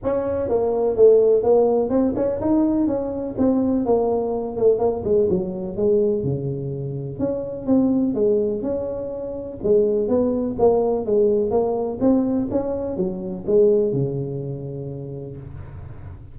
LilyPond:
\new Staff \with { instrumentName = "tuba" } { \time 4/4 \tempo 4 = 125 cis'4 ais4 a4 ais4 | c'8 cis'8 dis'4 cis'4 c'4 | ais4. a8 ais8 gis8 fis4 | gis4 cis2 cis'4 |
c'4 gis4 cis'2 | gis4 b4 ais4 gis4 | ais4 c'4 cis'4 fis4 | gis4 cis2. | }